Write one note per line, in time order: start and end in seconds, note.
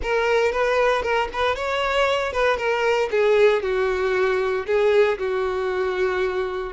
0.02 0.52 A#4
0.52 1.02 B4
1.02 1.28 A#4
1.32 1.55 B4
1.55 2.32 C#5
2.32 2.57 B4
2.57 3.09 A#4
3.10 3.62 G#4
3.62 4.66 F#4
4.66 5.18 G#4
5.18 6.73 F#4